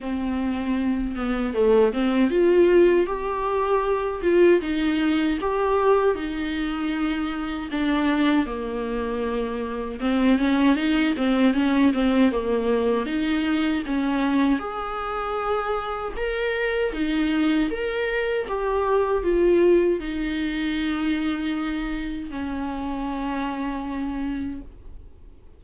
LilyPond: \new Staff \with { instrumentName = "viola" } { \time 4/4 \tempo 4 = 78 c'4. b8 a8 c'8 f'4 | g'4. f'8 dis'4 g'4 | dis'2 d'4 ais4~ | ais4 c'8 cis'8 dis'8 c'8 cis'8 c'8 |
ais4 dis'4 cis'4 gis'4~ | gis'4 ais'4 dis'4 ais'4 | g'4 f'4 dis'2~ | dis'4 cis'2. | }